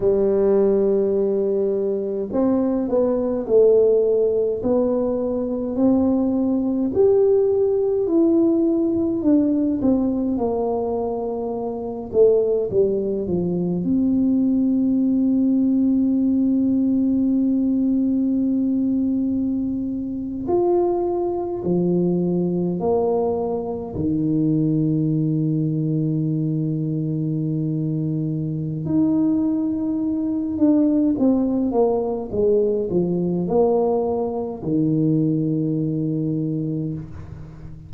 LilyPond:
\new Staff \with { instrumentName = "tuba" } { \time 4/4 \tempo 4 = 52 g2 c'8 b8 a4 | b4 c'4 g'4 e'4 | d'8 c'8 ais4. a8 g8 f8 | c'1~ |
c'4.~ c'16 f'4 f4 ais16~ | ais8. dis2.~ dis16~ | dis4 dis'4. d'8 c'8 ais8 | gis8 f8 ais4 dis2 | }